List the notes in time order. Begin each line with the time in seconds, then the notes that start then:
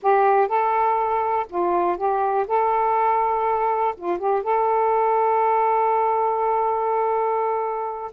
0.02 G4
0.48 A4
1.49 F4
1.97 G4
2.47 A4
3.96 F4
4.18 G4
4.42 A4